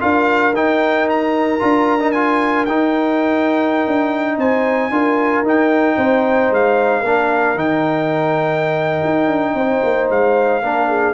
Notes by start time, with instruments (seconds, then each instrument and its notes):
0.00 tuba D4, trombone F4, horn A#4, trumpet F5
0.53 tuba D#4, trombone D#4, trumpet G5
1.10 trumpet A#5
1.60 tuba D4, trombone F4
2.00 trombone D#4
2.12 trombone F4, trumpet G#5
2.66 tuba D#4, trombone D#4, trumpet G5
3.87 tuba D4
4.38 tuba C4, horn C5, trumpet G#5
4.91 tuba D4, trombone F4, horn A#4
5.42 tuba D#4, trombone D#4, trumpet G5
5.97 tuba C4, horn C5
6.51 tuba G#3, trumpet F5
7.01 tuba A#3, trombone D4, horn A#4
7.55 tuba D#3, trombone D#4, trumpet G5
9.05 tuba D#4
9.27 tuba D4
9.55 tuba C4, horn C5
9.84 tuba A#3
10.10 tuba G#3, trumpet F5
10.62 tuba A#3, trombone D4, horn A#4
10.89 horn G#4